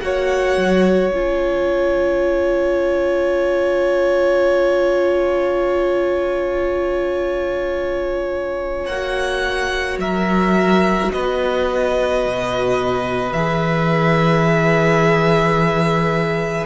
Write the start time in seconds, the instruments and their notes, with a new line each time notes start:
0.00 cello A#3, viola F#4, violin C#5 F#5
0.57 cello F#3
1.11 cello C#4, viola F4, violin G#5
8.86 cello A#3, violin F#5
8.92 viola F#4
9.98 cello F#3, violin A#4 E5
11.12 cello B3, violin B4 D#5
12.25 cello B2
13.32 cello E3, viola G#4, violin E5